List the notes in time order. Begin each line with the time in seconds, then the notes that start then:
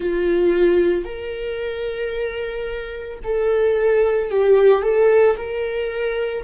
0.00 F4
1.05 A#4
3.23 A4
4.30 G4
4.82 A4
5.36 A#4